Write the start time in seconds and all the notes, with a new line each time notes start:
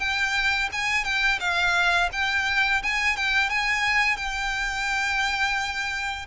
0.00 G5
0.73 G#5
1.05 G5
1.40 F5
2.13 G5
2.83 G#5
3.17 G5
3.50 G#5
4.17 G5